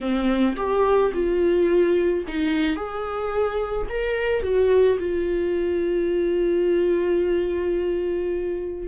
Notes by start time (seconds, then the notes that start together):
0.00 C4
0.56 G4
1.13 F4
2.27 D#4
2.76 G#4
3.89 A#4
4.42 F#4
4.99 F4